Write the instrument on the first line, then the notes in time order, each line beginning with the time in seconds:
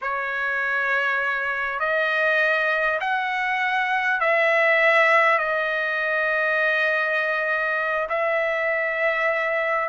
trumpet
0.01 C#5
1.79 D#5
3.00 F#5
4.20 E5
5.38 D#5
8.09 E5